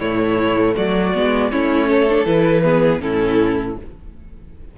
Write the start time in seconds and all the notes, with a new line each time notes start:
0.00 A2 A3 E4 C#5
0.77 F#3 F#4 D5
1.15 G#3 B3
1.52 A3 C#4 E4 C#5
1.88 A4
2.10 D4
2.26 E3 E4 B4
2.64 B3 G#4
3.01 A2 C#4 E4 A4